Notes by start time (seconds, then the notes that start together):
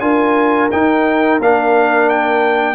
0.00 D4 F4 A#4 G#5
0.71 D#4 G5
1.40 A#3 D4 F5
2.09 G5